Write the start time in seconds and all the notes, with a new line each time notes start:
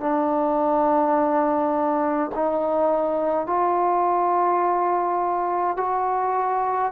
0.00 D4
2.35 D#4
3.47 F4
5.77 F#4